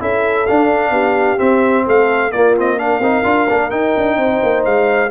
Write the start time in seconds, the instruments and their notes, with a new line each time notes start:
0.00 tuba C#4, trombone E4, horn A4, trumpet E5
0.47 trombone D4, tuba D4, trumpet F5
0.91 tuba B3, horn G4
1.38 trombone C4, tuba C4, trumpet E5
1.86 tuba A3, horn A4, trumpet F5
2.31 tuba A#3, trombone A#3, horn F4, trumpet D5
2.57 trombone C4, trumpet D#5
2.78 trombone D4, horn A#4, trumpet F5
3.00 tuba C4, trombone D#4
3.24 tuba D4, trombone F4
3.49 tuba A#3, trombone D4
3.71 trombone D#4, tuba D#4, trumpet G5
3.97 tuba D4
4.17 tuba C4, horn C5
4.43 tuba A#3
4.65 tuba G#3, trumpet F5